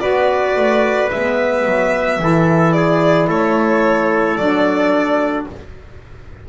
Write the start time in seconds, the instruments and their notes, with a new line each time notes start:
0.00 double bass B3, saxophone F#4, trumpet B4, violin D5
0.56 double bass A3
1.11 double bass G#3, saxophone B3, violin E5
1.65 double bass F#3
2.19 double bass E3, saxophone E4, trumpet A4
2.72 trumpet G#4, violin D5
3.28 double bass A3, trumpet A4, violin C#5
4.37 double bass F#3, saxophone D4, violin D5